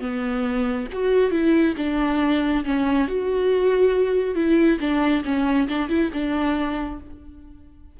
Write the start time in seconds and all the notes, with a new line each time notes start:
0.00 B3
0.92 F#4
1.30 E4
1.77 D4
2.64 C#4
3.08 F#4
4.35 E4
4.80 D4
5.24 C#4
5.68 D4
5.89 E4
6.13 D4